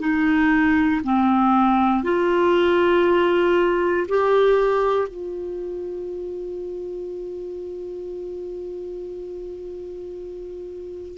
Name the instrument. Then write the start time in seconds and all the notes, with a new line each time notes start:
clarinet
0.00 D#4
1.04 C4
2.03 F4
4.09 G4
5.08 F4